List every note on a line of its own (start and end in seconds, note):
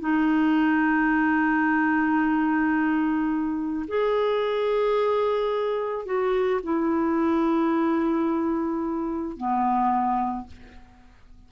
0.00 3.85 D#4
3.88 6.05 G#4
6.05 6.60 F#4
6.63 9.37 E4
9.37 10.47 B3